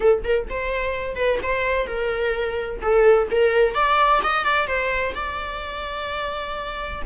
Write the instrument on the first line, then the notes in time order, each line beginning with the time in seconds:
viola
0.00 A4
0.23 A#4
0.49 C5
1.15 B4
1.43 C5
1.86 A#4
2.81 A4
3.30 A#4
3.74 D5
4.23 D#5
4.44 D5
4.67 C5
5.14 D5